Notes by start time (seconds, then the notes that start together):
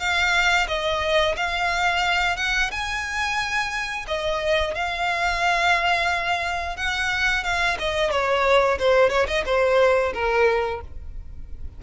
0.00 F5
0.68 D#5
1.37 F5
2.37 F#5
2.71 G#5
4.08 D#5
4.75 F5
6.77 F#5
7.44 F5
7.80 D#5
8.11 C#5
8.79 C5
9.10 C#5
9.28 D#5
9.46 C5
10.14 A#4